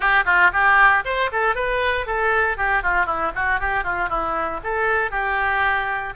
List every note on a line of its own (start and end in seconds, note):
0.00 0.24 G4
0.25 0.51 F4
0.52 1.03 G4
1.04 1.30 C5
1.32 1.55 A4
1.55 2.06 B4
2.06 2.57 A4
2.57 2.83 G4
2.83 3.06 F4
3.06 3.31 E4
3.34 3.60 F#4
3.60 3.83 G4
3.83 4.09 F4
4.09 4.60 E4
4.63 5.10 A4
5.10 6.13 G4